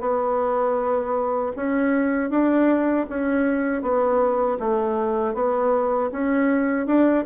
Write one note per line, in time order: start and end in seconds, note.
0.00 1.52 B3
1.56 2.30 C#4
2.30 3.06 D4
3.09 3.82 C#4
3.82 4.58 B3
4.59 5.34 A3
5.34 6.10 B3
6.12 6.86 C#4
6.86 7.24 D4